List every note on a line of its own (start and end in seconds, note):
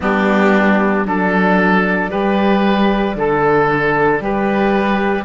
0.00 1.04 G3
0.00 1.05 B3
0.00 1.06 D4
0.00 1.05 G4
1.04 2.10 F#3
1.04 2.09 D4
1.04 2.10 A4
1.04 5.24 D5
2.09 3.15 G3
2.09 3.15 G4
2.09 3.16 B4
3.15 4.20 D3
3.15 4.19 A4
3.15 4.23 A4
4.19 5.24 G3
4.19 5.24 G4
4.19 5.24 B4